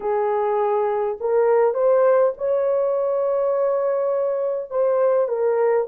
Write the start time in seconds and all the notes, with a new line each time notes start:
0.00 G#4
1.20 A#4
1.74 C5
2.37 C#5
4.70 C5
5.28 A#4